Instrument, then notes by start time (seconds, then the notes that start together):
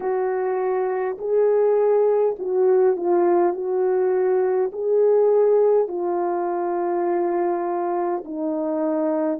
horn
0.00 F#4
1.18 G#4
2.39 F#4
2.96 F4
3.53 F#4
4.72 G#4
5.88 F4
8.25 D#4